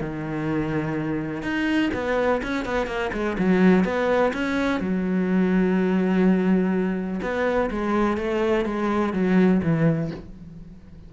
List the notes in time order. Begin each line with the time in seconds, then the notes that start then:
0.00 D#3
1.42 D#4
1.93 B3
2.42 C#4
2.65 B3
2.86 A#3
3.12 G#3
3.38 F#3
3.84 B3
4.33 C#4
4.80 F#3
7.22 B3
7.70 G#3
8.17 A3
8.65 G#3
9.13 F#3
9.62 E3